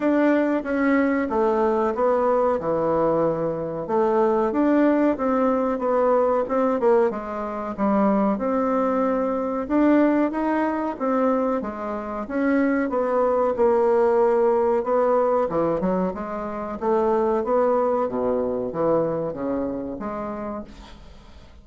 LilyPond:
\new Staff \with { instrumentName = "bassoon" } { \time 4/4 \tempo 4 = 93 d'4 cis'4 a4 b4 | e2 a4 d'4 | c'4 b4 c'8 ais8 gis4 | g4 c'2 d'4 |
dis'4 c'4 gis4 cis'4 | b4 ais2 b4 | e8 fis8 gis4 a4 b4 | b,4 e4 cis4 gis4 | }